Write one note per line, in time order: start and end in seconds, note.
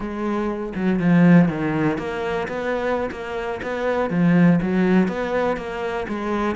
0.00 0.73 G#3
0.75 0.99 F#3
0.99 1.48 F3
1.48 1.97 D#3
1.97 2.47 A#3
2.48 3.10 B3
3.11 3.60 A#3
3.62 4.10 B3
4.10 4.59 F3
4.61 5.07 F#3
5.07 5.56 B3
5.56 6.06 A#3
6.08 6.55 G#3